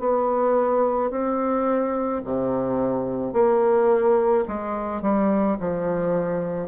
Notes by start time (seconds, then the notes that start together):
0.00 B3
1.11 C4
2.25 C3
3.33 A#3
4.48 G#3
5.02 G3
5.60 F3